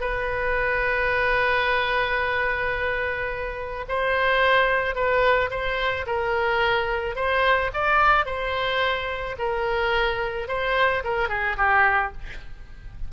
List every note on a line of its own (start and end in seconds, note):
0.00 3.85 B4
3.88 4.95 C5
4.95 5.50 B4
5.50 6.05 C5
6.06 7.15 A#4
7.15 7.70 C5
7.73 8.25 D5
8.25 9.36 C5
9.38 10.48 A#4
10.48 11.03 C5
11.04 11.28 A#4
11.28 11.56 G#4
11.57 12.12 G4